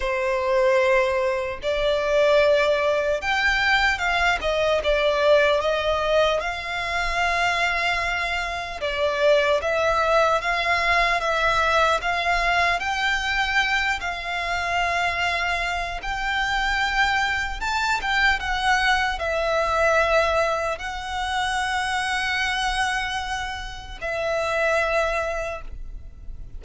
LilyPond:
\new Staff \with { instrumentName = "violin" } { \time 4/4 \tempo 4 = 75 c''2 d''2 | g''4 f''8 dis''8 d''4 dis''4 | f''2. d''4 | e''4 f''4 e''4 f''4 |
g''4. f''2~ f''8 | g''2 a''8 g''8 fis''4 | e''2 fis''2~ | fis''2 e''2 | }